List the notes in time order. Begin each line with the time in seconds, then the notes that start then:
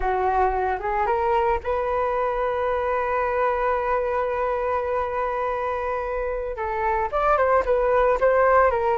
0.00 F#4
0.79 G#4
1.06 A#4
1.63 B4
6.56 A4
7.11 D5
7.37 C5
7.65 B4
8.20 C5
8.70 A#4